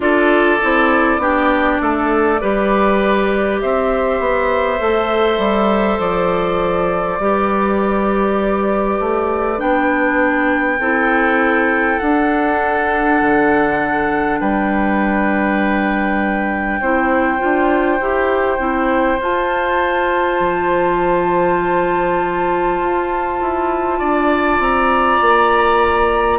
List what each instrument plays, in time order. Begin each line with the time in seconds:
0.00 bassoon D4, clarinet F4, oboe A4, flute D5
0.61 bassoon C4, clarinet E4
1.18 bassoon B3, clarinet D4, oboe G4
1.81 bassoon A3, oboe A4
2.40 bassoon G3, clarinet G4, oboe B4
3.60 bassoon C4, oboe C5, flute E5
4.19 bassoon B3
4.79 bassoon A3, clarinet A4
5.38 bassoon G3
5.99 bassoon F3, flute D5
7.19 bassoon G3, clarinet G4, oboe B4
8.99 bassoon A3
9.57 bassoon B3, clarinet D4, flute G5
10.79 bassoon C4, clarinet E4, oboe A4
11.98 bassoon D4, clarinet D4, flute F#5
13.21 bassoon D3
14.39 bassoon G3, oboe B4, flute G5
16.80 bassoon C4, clarinet E4, oboe C5
17.38 bassoon D4, clarinet F4
18.00 bassoon E4, clarinet G4
18.58 bassoon C4, clarinet E4
19.20 bassoon F4, clarinet F4, flute A5
20.39 bassoon F3
22.79 bassoon F4
23.41 bassoon E4
23.98 bassoon D4, oboe D5
24.59 bassoon C4, flute A#5
25.21 bassoon A#3